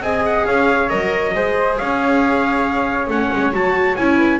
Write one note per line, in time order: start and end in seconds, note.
0.00 0.44 C4
0.00 0.89 G#4
0.00 0.46 D#5
0.00 0.24 G#5
0.26 0.47 F#5
0.47 0.92 C#4
0.47 1.34 C#5
0.47 0.89 F5
0.89 1.35 F#3
0.89 1.33 A#4
0.89 1.77 D#5
1.35 1.79 G#3
1.35 3.11 G#4
1.35 1.79 C5
1.78 3.08 C#4
1.78 4.17 C#5
1.78 3.09 F5
3.08 3.29 A3
3.08 3.53 C#4
3.08 3.53 F#5
3.33 3.54 G#3
3.53 3.97 F#3
3.53 3.96 F#4
3.53 3.96 A5
3.96 4.40 C#4
3.96 4.40 E4
3.96 4.40 G#5
4.17 4.39 B4